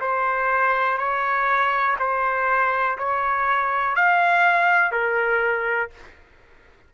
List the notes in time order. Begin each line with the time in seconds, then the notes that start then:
0.00 C5
0.97 C#5
1.99 C5
2.98 C#5
3.95 F5
4.91 A#4